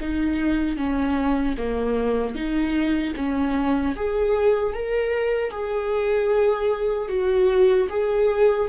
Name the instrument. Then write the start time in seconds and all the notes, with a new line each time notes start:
viola
0.00 D#4
0.76 C#4
1.57 A#3
2.35 D#4
3.16 C#4
3.96 G#4
4.73 A#4
5.50 G#4
7.08 F#4
7.89 G#4